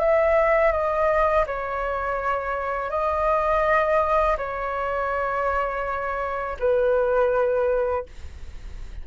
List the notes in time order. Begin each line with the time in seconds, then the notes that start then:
0.00 E5
0.72 D#5
1.46 C#5
2.90 D#5
4.37 C#5
6.60 B4